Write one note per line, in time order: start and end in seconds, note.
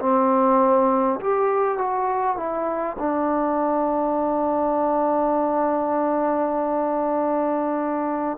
0.00 1.20 C4
1.21 1.78 G4
1.78 2.37 F#4
2.37 2.97 E4
2.99 8.38 D4